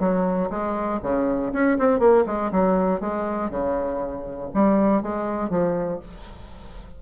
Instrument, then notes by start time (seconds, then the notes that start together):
bassoon
0.00 F#3
0.50 G#3
1.03 C#3
1.53 C#4
1.78 C4
2.00 A#3
2.26 G#3
2.52 F#3
3.01 G#3
3.50 C#3
4.54 G3
5.03 G#3
5.50 F3